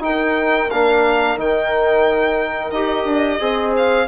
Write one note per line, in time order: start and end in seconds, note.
0.00 0.67 D#4
0.00 0.70 D#4
0.00 0.70 G5
0.06 3.42 A#4
0.70 1.37 A#3
0.70 1.38 D4
0.70 1.38 F5
1.37 2.71 D#3
1.37 2.73 D#4
1.37 2.71 G5
2.71 3.05 D#4
2.71 3.40 G4
2.71 3.72 D#5
3.05 3.39 D4
3.40 4.08 C4
3.40 4.07 G#4
3.40 4.08 C5
3.77 4.08 F5